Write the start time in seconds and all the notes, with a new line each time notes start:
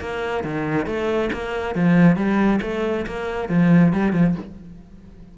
0.00 A#3
0.44 D#3
0.86 A3
1.33 A#3
1.75 F3
2.16 G3
2.62 A3
3.07 A#3
3.49 F3
3.93 G3
4.13 F3